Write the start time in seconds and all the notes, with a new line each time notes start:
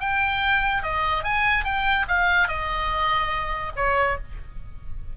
0.00 G5
0.83 D#5
1.23 G#5
1.64 G5
2.08 F5
2.48 D#5
3.76 C#5